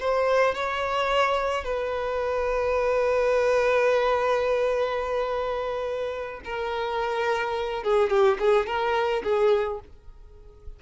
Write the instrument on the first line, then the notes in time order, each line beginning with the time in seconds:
violin
0.00 C5
0.55 C#5
1.64 B4
6.45 A#4
7.84 G#4
8.10 G4
8.39 G#4
8.67 A#4
9.24 G#4